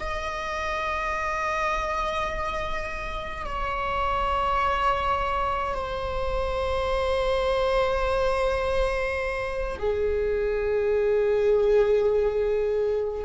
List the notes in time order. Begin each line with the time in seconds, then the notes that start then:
0.00 D#5
3.46 C#5
5.74 C5
9.79 G#4